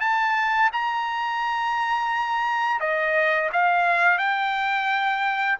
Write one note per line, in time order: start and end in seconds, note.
0.00 0.70 A5
0.72 2.80 A#5
2.80 3.50 D#5
3.52 4.18 F5
4.18 5.58 G5